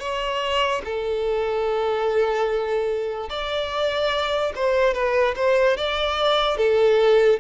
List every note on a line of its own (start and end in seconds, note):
0.00 0.82 C#5
0.85 3.30 A4
3.30 4.53 D5
4.56 4.94 C5
4.94 5.35 B4
5.36 5.78 C5
5.78 6.58 D5
6.58 7.40 A4